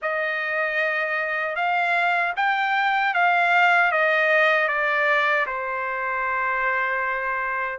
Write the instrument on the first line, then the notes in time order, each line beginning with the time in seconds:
trumpet
0.02 D#5
1.55 F5
2.36 G5
3.14 F5
3.91 D#5
4.68 D5
5.46 C5